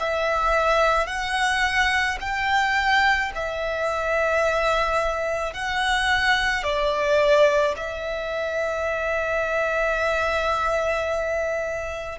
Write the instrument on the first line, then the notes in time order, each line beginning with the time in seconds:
violin
0.00 E5
1.07 F#5
2.21 G5
3.35 E5
5.54 F#5
6.64 D5
7.77 E5